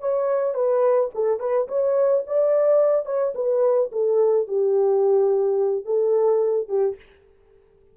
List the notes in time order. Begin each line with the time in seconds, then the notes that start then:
0.00 C#5
0.55 B4
1.14 A4
1.40 B4
1.68 C#5
2.27 D5
3.06 C#5
3.35 B4
3.92 A4
4.48 G4
5.85 A4
6.68 G4